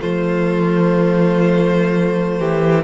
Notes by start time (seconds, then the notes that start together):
0.00 F3 A3 F4 C5
2.39 E3 G4